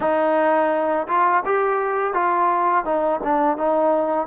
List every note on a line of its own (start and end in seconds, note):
0.00 1.07 D#4
1.07 1.43 F4
1.45 2.13 G4
2.13 2.84 F4
2.84 3.20 D#4
3.23 3.57 D4
3.57 4.27 D#4